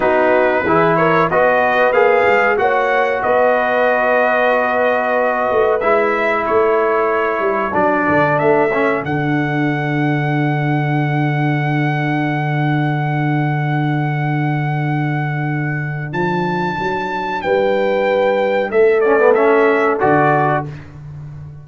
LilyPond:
<<
  \new Staff \with { instrumentName = "trumpet" } { \time 4/4 \tempo 4 = 93 b'4. cis''8 dis''4 f''4 | fis''4 dis''2.~ | dis''4 e''4 cis''2 | d''4 e''4 fis''2~ |
fis''1~ | fis''1~ | fis''4 a''2 g''4~ | g''4 e''8 d''8 e''4 d''4 | }
  \new Staff \with { instrumentName = "horn" } { \time 4/4 fis'4 gis'8 ais'8 b'2 | cis''4 b'2.~ | b'2 a'2~ | a'1~ |
a'1~ | a'1~ | a'2. b'4~ | b'4 a'2. | }
  \new Staff \with { instrumentName = "trombone" } { \time 4/4 dis'4 e'4 fis'4 gis'4 | fis'1~ | fis'4 e'2. | d'4. cis'8 d'2~ |
d'1~ | d'1~ | d'1~ | d'4. cis'16 b16 cis'4 fis'4 | }
  \new Staff \with { instrumentName = "tuba" } { \time 4/4 b4 e4 b4 ais8 gis8 | ais4 b2.~ | b8 a8 gis4 a4. g8 | fis8 d8 a4 d2~ |
d1~ | d1~ | d4 f4 fis4 g4~ | g4 a2 d4 | }
>>